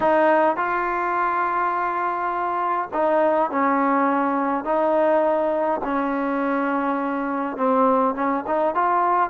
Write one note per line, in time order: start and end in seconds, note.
0.00 0.56 D#4
0.56 2.89 F4
2.93 3.50 D#4
3.50 4.64 C#4
4.64 5.80 D#4
5.84 7.56 C#4
7.56 8.14 C4
8.14 8.44 C#4
8.46 8.74 D#4
8.74 9.29 F4